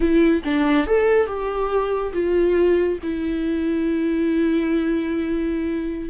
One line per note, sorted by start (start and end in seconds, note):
0.00 0.42 E4
0.44 0.86 D4
0.86 1.26 A4
1.26 2.12 G4
2.13 2.98 F4
3.02 6.09 E4